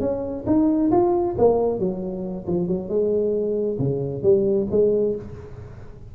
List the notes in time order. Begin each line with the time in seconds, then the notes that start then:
0.00 C#4
0.46 D#4
0.92 F4
1.38 A#3
1.79 F#3
2.47 F3
2.67 F#3
2.89 G#3
3.79 C#3
4.23 G3
4.71 G#3